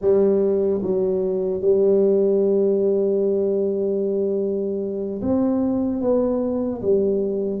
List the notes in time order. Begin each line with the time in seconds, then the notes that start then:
0.01 G3
0.82 F#3
1.61 G3
5.21 C4
6.01 B3
6.81 G3